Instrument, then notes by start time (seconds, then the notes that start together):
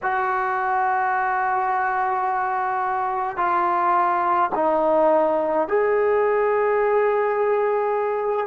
trombone
0.02 F#4
3.37 F4
4.54 D#4
5.68 G#4